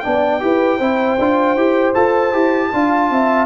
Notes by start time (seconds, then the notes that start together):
0.00 D4 D5 G5
0.06 B3
0.40 E4 G4 B4
0.78 C4 E4 C5
1.19 D4 F4
1.56 E4 G4
1.95 F4 A4 A5
2.33 E4 G4
2.72 D4 F4 F5
3.11 C4 E5